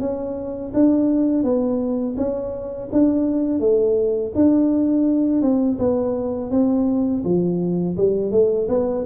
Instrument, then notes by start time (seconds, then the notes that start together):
tuba
0.00 C#4
0.74 D4
1.43 B3
2.17 C#4
2.92 D4
3.60 A3
4.35 D4
5.42 C4
5.79 B3
6.51 C4
7.25 F3
7.97 G3
8.32 A3
8.69 B3